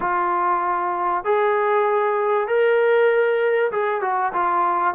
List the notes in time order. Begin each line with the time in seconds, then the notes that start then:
0.00 F4
1.24 G#4
2.47 A#4
3.71 G#4
4.01 F#4
4.33 F4